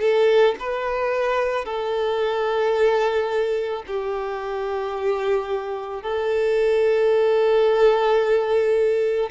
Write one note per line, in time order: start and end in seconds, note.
0.00 0.55 A4
0.60 1.65 B4
1.65 3.83 A4
3.87 6.02 G4
6.02 9.29 A4